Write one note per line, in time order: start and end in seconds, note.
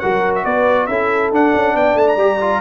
0.00 0.45 F#3
0.00 0.89 F#4
0.00 0.45 A#4
0.00 0.33 F#5
0.36 0.45 E5
0.45 0.89 B3
0.45 0.88 B4
0.45 0.87 D5
0.87 1.32 C#4
0.87 1.33 E4
0.87 1.75 A4
0.87 1.30 E5
1.32 1.54 D4
1.32 2.18 D4
1.32 1.77 F#5
1.55 1.75 C#4
1.75 1.95 B3
1.75 2.62 D5
1.75 1.98 G5
1.95 2.17 A3
1.95 2.09 A5
2.09 2.62 A#5
2.17 2.60 G3
2.17 2.40 G4
2.41 2.62 F4